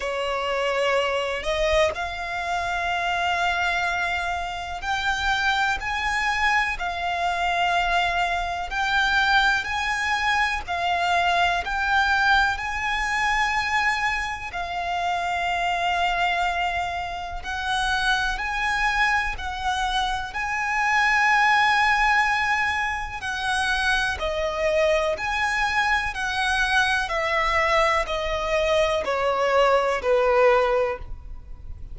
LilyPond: \new Staff \with { instrumentName = "violin" } { \time 4/4 \tempo 4 = 62 cis''4. dis''8 f''2~ | f''4 g''4 gis''4 f''4~ | f''4 g''4 gis''4 f''4 | g''4 gis''2 f''4~ |
f''2 fis''4 gis''4 | fis''4 gis''2. | fis''4 dis''4 gis''4 fis''4 | e''4 dis''4 cis''4 b'4 | }